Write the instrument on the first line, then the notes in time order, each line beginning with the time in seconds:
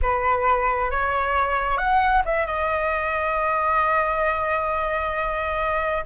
flute
0.02 B4
0.90 C#5
1.77 F#5
2.25 E5
2.46 D#5